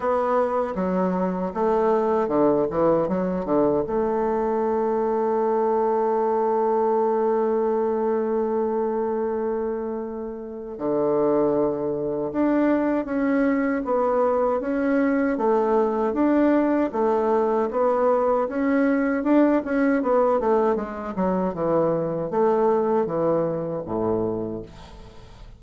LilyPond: \new Staff \with { instrumentName = "bassoon" } { \time 4/4 \tempo 4 = 78 b4 fis4 a4 d8 e8 | fis8 d8 a2.~ | a1~ | a2 d2 |
d'4 cis'4 b4 cis'4 | a4 d'4 a4 b4 | cis'4 d'8 cis'8 b8 a8 gis8 fis8 | e4 a4 e4 a,4 | }